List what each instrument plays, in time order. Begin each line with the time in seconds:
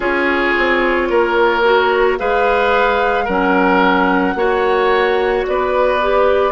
0.00 bassoon C#4, clarinet F4, oboe G#4, flute C#5
0.57 bassoon C4
1.09 bassoon A#3, oboe A#4
1.63 clarinet F#4
2.18 bassoon G#3, clarinet G#4, oboe B4, flute F5
3.24 bassoon F#3, clarinet C#4, oboe A#4, flute F#5
4.34 bassoon A#3, clarinet F#4, oboe C#5
5.47 bassoon B3, oboe B4, flute D5
6.01 clarinet G4